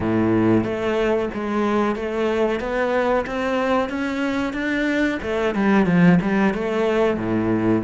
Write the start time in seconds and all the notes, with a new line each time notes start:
0.00 A2
0.63 A3
1.33 G#3
1.95 A3
2.59 B3
3.26 C4
3.89 C#4
4.53 D4
5.22 A3
5.54 G3
5.86 F3
6.21 G3
6.54 A3
7.17 A2